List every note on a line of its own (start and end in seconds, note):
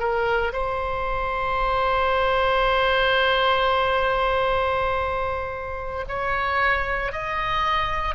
0.00 0.53 A#4
0.53 6.06 C5
6.09 7.12 C#5
7.12 8.15 D#5